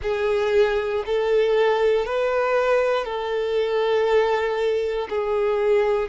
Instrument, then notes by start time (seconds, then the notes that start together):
violin
0.02 G#4
1.05 A4
2.05 B4
3.04 A4
5.09 G#4